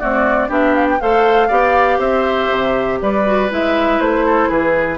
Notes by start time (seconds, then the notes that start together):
0.00 A3 C4 F#4 D5
0.49 B3 D4 G4 E5
0.75 F5
0.90 G5
1.01 A3 A4 C5 F5
1.49 B3 G4 D5
1.99 C4 C5 E5
2.51 C3
3.02 G3 B4 D5
3.25 F#4
3.51 G#3 E4 E5
4.00 A3 C5
4.26 A4
4.49 E3 G#4 B4